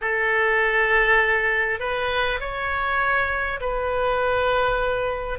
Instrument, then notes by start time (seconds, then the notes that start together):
oboe
0.01 A4
1.79 B4
2.39 C#5
3.60 B4